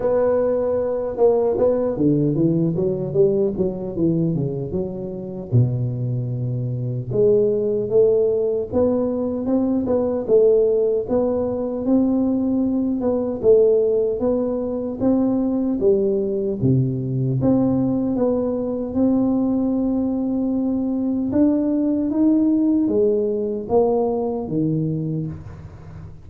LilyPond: \new Staff \with { instrumentName = "tuba" } { \time 4/4 \tempo 4 = 76 b4. ais8 b8 d8 e8 fis8 | g8 fis8 e8 cis8 fis4 b,4~ | b,4 gis4 a4 b4 | c'8 b8 a4 b4 c'4~ |
c'8 b8 a4 b4 c'4 | g4 c4 c'4 b4 | c'2. d'4 | dis'4 gis4 ais4 dis4 | }